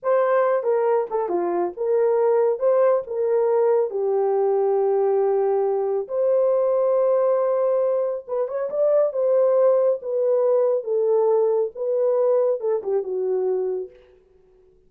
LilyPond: \new Staff \with { instrumentName = "horn" } { \time 4/4 \tempo 4 = 138 c''4. ais'4 a'8 f'4 | ais'2 c''4 ais'4~ | ais'4 g'2.~ | g'2 c''2~ |
c''2. b'8 cis''8 | d''4 c''2 b'4~ | b'4 a'2 b'4~ | b'4 a'8 g'8 fis'2 | }